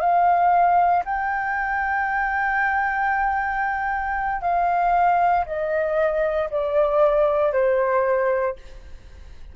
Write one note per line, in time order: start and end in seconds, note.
0.00 1.03 F5
1.05 4.41 G5
4.41 5.45 F5
5.45 6.49 D#5
6.50 7.52 D5
7.52 8.55 C5